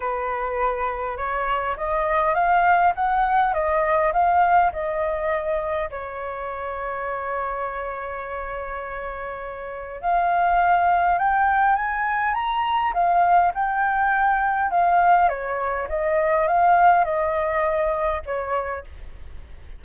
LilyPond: \new Staff \with { instrumentName = "flute" } { \time 4/4 \tempo 4 = 102 b'2 cis''4 dis''4 | f''4 fis''4 dis''4 f''4 | dis''2 cis''2~ | cis''1~ |
cis''4 f''2 g''4 | gis''4 ais''4 f''4 g''4~ | g''4 f''4 cis''4 dis''4 | f''4 dis''2 cis''4 | }